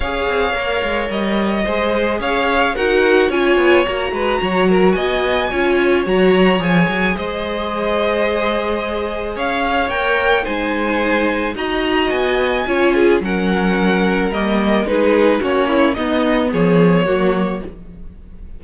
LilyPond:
<<
  \new Staff \with { instrumentName = "violin" } { \time 4/4 \tempo 4 = 109 f''2 dis''2 | f''4 fis''4 gis''4 ais''4~ | ais''4 gis''2 ais''4 | gis''4 dis''2.~ |
dis''4 f''4 g''4 gis''4~ | gis''4 ais''4 gis''2 | fis''2 dis''4 b'4 | cis''4 dis''4 cis''2 | }
  \new Staff \with { instrumentName = "violin" } { \time 4/4 cis''2. c''4 | cis''4 ais'4 cis''4. b'8 | cis''8 ais'8 dis''4 cis''2~ | cis''4 c''2.~ |
c''4 cis''2 c''4~ | c''4 dis''2 cis''8 gis'8 | ais'2. gis'4 | fis'8 e'8 dis'4 gis'4 fis'4 | }
  \new Staff \with { instrumentName = "viola" } { \time 4/4 gis'4 ais'2 gis'4~ | gis'4 fis'4 f'4 fis'4~ | fis'2 f'4 fis'4 | gis'1~ |
gis'2 ais'4 dis'4~ | dis'4 fis'2 f'4 | cis'2 ais4 dis'4 | cis'4 b2 ais4 | }
  \new Staff \with { instrumentName = "cello" } { \time 4/4 cis'8 c'8 ais8 gis8 g4 gis4 | cis'4 dis'4 cis'8 b8 ais8 gis8 | fis4 b4 cis'4 fis4 | f8 fis8 gis2.~ |
gis4 cis'4 ais4 gis4~ | gis4 dis'4 b4 cis'4 | fis2 g4 gis4 | ais4 b4 f4 fis4 | }
>>